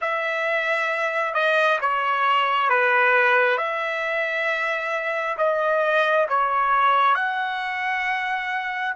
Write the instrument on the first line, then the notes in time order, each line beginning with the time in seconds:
trumpet
0.01 E5
1.34 D#5
1.80 C#5
2.69 B4
3.57 E5
5.37 D#5
6.28 C#5
7.14 F#5